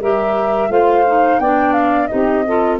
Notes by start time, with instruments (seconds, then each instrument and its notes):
0.00 tuba G3, clarinet G4, saxophone A#4, flute E5
0.69 tuba A3, clarinet F4, saxophone C5, flute F5
1.07 clarinet D#4
1.40 tuba B3, clarinet D4, saxophone D5, flute G5
1.73 flute F5
2.07 tuba C4, clarinet D#4, saxophone G4, flute D#5
2.46 clarinet F4, saxophone A4